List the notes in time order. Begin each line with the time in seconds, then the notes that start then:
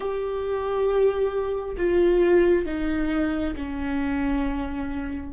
0.00 G4
1.77 F4
2.65 D#4
3.56 C#4